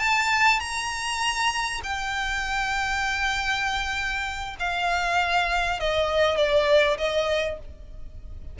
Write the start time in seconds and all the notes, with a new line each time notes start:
0.00 A5
0.60 A#5
1.84 G5
4.60 F5
5.80 D#5
6.37 D5
6.98 D#5